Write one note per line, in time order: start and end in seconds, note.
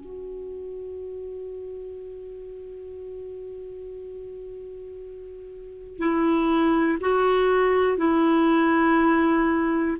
0.00 5.99 F#4
5.99 6.99 E4
7.00 7.98 F#4
7.98 9.98 E4